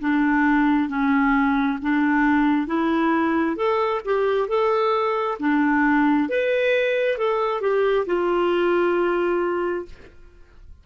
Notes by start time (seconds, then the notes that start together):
0.00 D4
0.89 C#4
1.81 D4
2.67 E4
3.56 A4
4.05 G4
4.48 A4
5.39 D4
6.28 B4
7.17 A4
7.61 G4
8.06 F4